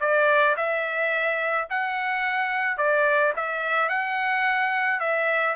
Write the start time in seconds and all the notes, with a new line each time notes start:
0.00 D5
0.57 E5
1.69 F#5
2.77 D5
3.36 E5
3.89 F#5
5.00 E5